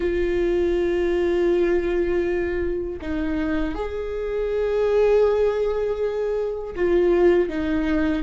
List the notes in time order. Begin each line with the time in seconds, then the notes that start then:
0.00 F4
3.01 D#4
3.74 G#4
6.75 F4
7.49 D#4